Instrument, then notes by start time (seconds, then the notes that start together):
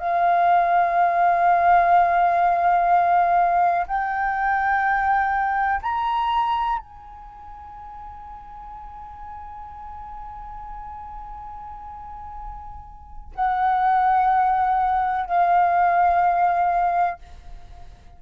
flute
0.00 F5
3.88 G5
5.82 A#5
6.79 G#5
13.35 F#5
15.26 F5